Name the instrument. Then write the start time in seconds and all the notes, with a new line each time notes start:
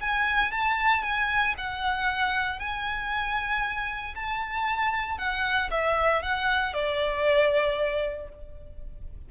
violin
0.00 G#5
0.51 A5
1.03 G#5
1.57 F#5
2.59 G#5
4.15 A5
5.18 F#5
5.71 E5
6.22 F#5
6.73 D5